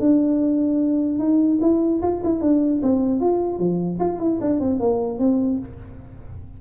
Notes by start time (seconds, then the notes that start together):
0.00 D4
1.19 D#4
1.61 E4
2.02 F4
2.24 E4
2.41 D4
2.83 C4
3.21 F4
3.59 F3
4.00 F4
4.20 E4
4.41 D4
4.61 C4
4.80 A#3
5.19 C4